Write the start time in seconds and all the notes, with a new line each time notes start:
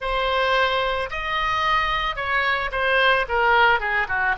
0.00 C5
1.10 D#5
2.15 C#5
2.71 C5
3.28 A#4
3.80 G#4
4.08 F#4